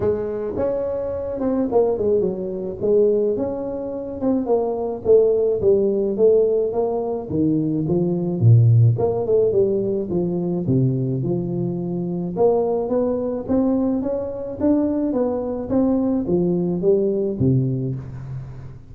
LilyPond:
\new Staff \with { instrumentName = "tuba" } { \time 4/4 \tempo 4 = 107 gis4 cis'4. c'8 ais8 gis8 | fis4 gis4 cis'4. c'8 | ais4 a4 g4 a4 | ais4 dis4 f4 ais,4 |
ais8 a8 g4 f4 c4 | f2 ais4 b4 | c'4 cis'4 d'4 b4 | c'4 f4 g4 c4 | }